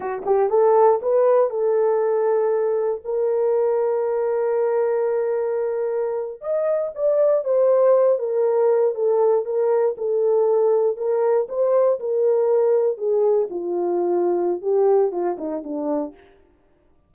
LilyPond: \new Staff \with { instrumentName = "horn" } { \time 4/4 \tempo 4 = 119 fis'8 g'8 a'4 b'4 a'4~ | a'2 ais'2~ | ais'1~ | ais'8. dis''4 d''4 c''4~ c''16~ |
c''16 ais'4. a'4 ais'4 a'16~ | a'4.~ a'16 ais'4 c''4 ais'16~ | ais'4.~ ais'16 gis'4 f'4~ f'16~ | f'4 g'4 f'8 dis'8 d'4 | }